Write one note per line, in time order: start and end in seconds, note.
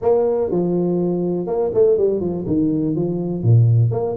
0.01 0.51 A#3
0.51 1.46 F3
1.46 1.71 A#3
1.74 1.97 A3
1.97 2.20 G3
2.20 2.45 F3
2.46 2.95 D#3
2.95 3.42 F3
3.42 3.91 A#2
3.91 4.16 A#3